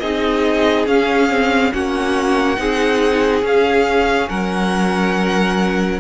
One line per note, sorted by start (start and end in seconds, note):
0.00 0.86 C4
0.00 0.87 D#4
0.00 1.73 G#4
0.00 0.86 D#5
0.86 1.72 C#4
0.86 1.29 C#4
0.86 1.73 F5
1.29 1.72 C4
1.73 2.59 A#3
1.73 2.56 C#4
1.73 2.60 F#4
1.73 3.45 F#5
2.56 3.43 C4
2.56 3.42 D#4
2.56 4.30 G#4
3.43 4.28 C#4
3.43 6.01 C#4
3.43 4.29 F5
4.29 6.01 F#3
4.29 6.01 A#4
4.29 6.01 F#5